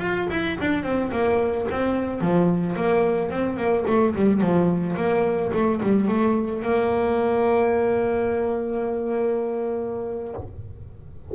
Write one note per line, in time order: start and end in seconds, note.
0.00 0.28 F4
0.31 0.58 E4
0.61 0.84 D4
0.84 1.11 C4
1.12 1.67 A#3
1.71 2.21 C4
2.21 2.76 F3
2.76 3.31 A#3
3.31 3.57 C4
3.57 3.85 A#3
3.88 4.15 A3
4.16 4.41 G3
4.41 4.96 F3
4.97 5.52 A#3
5.54 5.81 A3
5.83 6.09 G3
6.09 6.63 A3
6.63 10.34 A#3